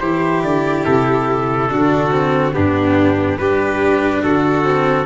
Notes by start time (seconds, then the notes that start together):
0.00 E3 E4 G4 C5
0.43 D3 D5
0.85 C3 A4
1.69 D3 D4 F#4
2.12 C4
2.53 G2 B3 D4 G4
3.38 G3 D4 G4 B4
4.23 D3 F#4 A4
4.64 C4